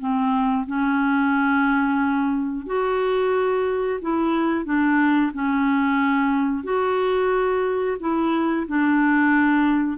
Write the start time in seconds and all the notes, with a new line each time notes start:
0.00 C4
0.67 C#4
2.67 F#4
4.02 E4
4.65 D4
5.34 C#4
6.64 F#4
8.00 E4
8.68 D4